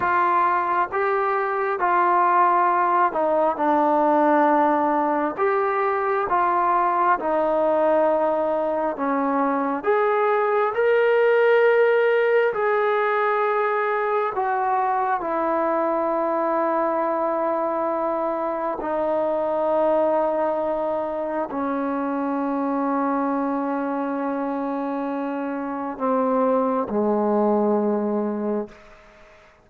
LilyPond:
\new Staff \with { instrumentName = "trombone" } { \time 4/4 \tempo 4 = 67 f'4 g'4 f'4. dis'8 | d'2 g'4 f'4 | dis'2 cis'4 gis'4 | ais'2 gis'2 |
fis'4 e'2.~ | e'4 dis'2. | cis'1~ | cis'4 c'4 gis2 | }